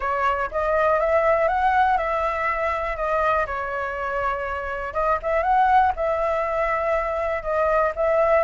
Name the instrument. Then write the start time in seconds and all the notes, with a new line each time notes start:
flute
0.00 C#5
0.51 D#5
0.99 E5
1.47 F#5
1.97 E5
2.96 D#5
3.46 C#5
4.93 D#5
5.22 E5
5.43 F#5
5.96 E5
7.42 D#5
7.95 E5